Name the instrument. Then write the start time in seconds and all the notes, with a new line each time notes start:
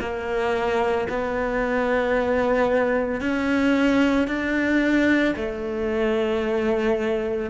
cello
0.00 A#3
1.09 B3
3.20 C#4
4.27 D4
5.36 A3